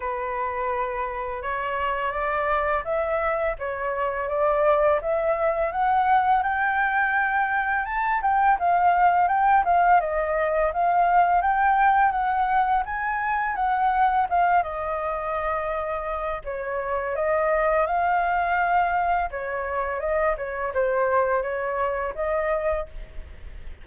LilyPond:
\new Staff \with { instrumentName = "flute" } { \time 4/4 \tempo 4 = 84 b'2 cis''4 d''4 | e''4 cis''4 d''4 e''4 | fis''4 g''2 a''8 g''8 | f''4 g''8 f''8 dis''4 f''4 |
g''4 fis''4 gis''4 fis''4 | f''8 dis''2~ dis''8 cis''4 | dis''4 f''2 cis''4 | dis''8 cis''8 c''4 cis''4 dis''4 | }